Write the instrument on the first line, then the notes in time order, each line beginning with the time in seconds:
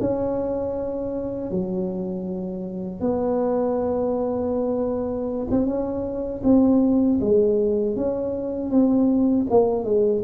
tuba
0.00 C#4
1.51 F#3
3.00 B3
5.51 C4
5.66 C#4
6.43 C4
7.20 G#3
7.96 C#4
8.70 C4
9.50 A#3
9.85 G#3